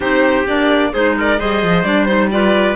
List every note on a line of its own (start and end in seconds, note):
0.00 0.47 C4
0.00 0.44 D#4
0.00 0.92 G4
0.00 0.47 C5
0.47 0.93 A#3
0.47 0.93 D4
0.47 0.93 D5
0.92 1.40 G#3
0.92 1.38 D#4
0.92 1.16 G#4
0.92 1.16 C5
1.17 1.39 A#4
1.17 1.40 D5
1.38 1.63 G3
1.38 1.84 G#4
1.38 2.31 C5
1.38 1.84 D#5
1.63 1.83 F3
1.83 2.75 G3
1.83 2.07 D4
1.83 2.05 D5
2.05 2.30 D#4
2.05 2.28 C5
2.30 2.76 F4
2.30 2.76 B4
2.30 2.76 D5